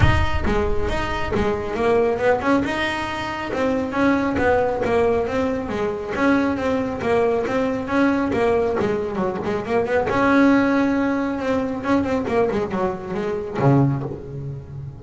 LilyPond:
\new Staff \with { instrumentName = "double bass" } { \time 4/4 \tempo 4 = 137 dis'4 gis4 dis'4 gis4 | ais4 b8 cis'8 dis'2 | c'4 cis'4 b4 ais4 | c'4 gis4 cis'4 c'4 |
ais4 c'4 cis'4 ais4 | gis4 fis8 gis8 ais8 b8 cis'4~ | cis'2 c'4 cis'8 c'8 | ais8 gis8 fis4 gis4 cis4 | }